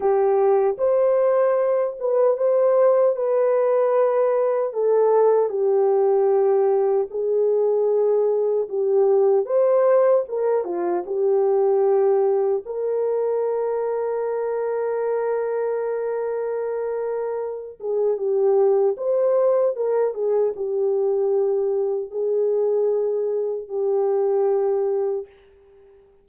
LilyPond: \new Staff \with { instrumentName = "horn" } { \time 4/4 \tempo 4 = 76 g'4 c''4. b'8 c''4 | b'2 a'4 g'4~ | g'4 gis'2 g'4 | c''4 ais'8 f'8 g'2 |
ais'1~ | ais'2~ ais'8 gis'8 g'4 | c''4 ais'8 gis'8 g'2 | gis'2 g'2 | }